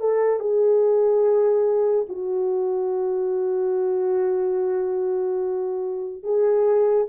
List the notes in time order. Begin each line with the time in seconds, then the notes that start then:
0.00 A4
0.40 G#4
2.09 F#4
6.23 G#4